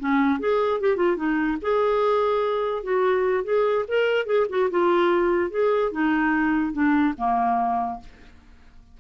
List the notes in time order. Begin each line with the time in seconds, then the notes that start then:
0.00 C#4
0.40 G#4
0.81 G4
0.97 F4
1.17 D#4
1.62 G#4
2.83 F#4
3.44 G#4
3.88 A#4
4.26 G#4
4.49 F#4
4.71 F4
5.50 G#4
5.92 D#4
6.73 D4
7.18 A#3